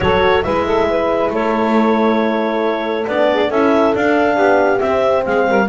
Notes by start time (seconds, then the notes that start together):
0.00 F#3 F#4 A4 C#5
0.42 G#3 E4 B4 E5
0.66 A4
0.89 B4
1.30 A3 A4 C#5
3.07 B3 D4 D5
3.32 G#4
3.48 C#4 E4 A4 E5
3.94 D4 F5
4.35 B3 G4
4.78 C4 E5
5.25 G#3 G#4 F5
5.48 G3 A#4